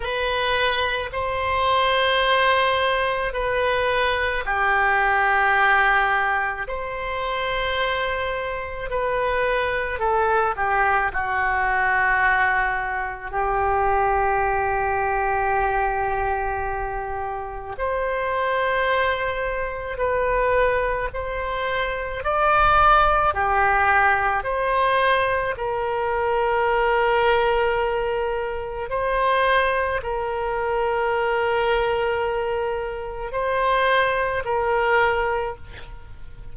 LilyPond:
\new Staff \with { instrumentName = "oboe" } { \time 4/4 \tempo 4 = 54 b'4 c''2 b'4 | g'2 c''2 | b'4 a'8 g'8 fis'2 | g'1 |
c''2 b'4 c''4 | d''4 g'4 c''4 ais'4~ | ais'2 c''4 ais'4~ | ais'2 c''4 ais'4 | }